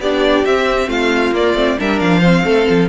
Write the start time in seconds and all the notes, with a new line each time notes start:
0.00 B3 D4 G4 D5
0.45 C4 E5
0.88 A3 F4 F5
1.31 A#3 D5
1.54 A3 C4
1.79 G3 D4 A#4 E5
2.00 F3 F5
2.20 C4 C5
2.44 A3 A4
2.70 F3